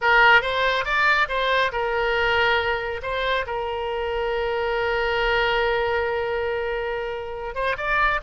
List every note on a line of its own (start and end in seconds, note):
0.01 0.41 A#4
0.41 0.84 C5
0.84 1.27 D5
1.28 1.71 C5
1.71 3.01 A#4
3.02 3.45 C5
3.46 7.55 A#4
7.55 7.76 C5
7.77 8.20 D5